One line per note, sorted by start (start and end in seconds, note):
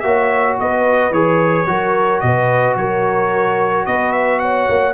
0.00 0.58 A#3
0.00 1.12 F#4
0.00 0.59 C#5
0.00 0.55 E5
0.59 1.10 B3
0.59 1.69 B4
0.59 1.12 D#5
1.10 1.65 E3
1.10 1.67 G#4
1.10 2.20 C#5
1.67 2.21 F#3
1.67 4.94 F#4
1.67 2.24 A#4
2.20 2.76 B2
2.20 2.78 B4
2.20 2.75 D#5
2.76 3.85 F#3
2.76 3.86 A#4
2.76 3.85 C#5
3.85 4.68 B3
3.85 4.40 B4
3.85 4.12 D#5
4.12 4.39 E5
4.39 4.94 C#5
4.39 4.93 F#5
4.69 4.94 A#3